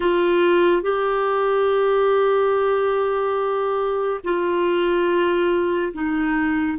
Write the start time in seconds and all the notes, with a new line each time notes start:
0.00 F4
0.82 G4
4.23 F4
5.93 D#4